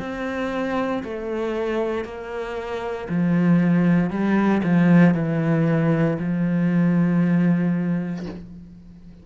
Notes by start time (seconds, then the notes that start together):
0.00 C4
1.04 A3
2.05 A#3
3.09 F3
4.11 G3
4.64 F3
5.15 E3
6.19 F3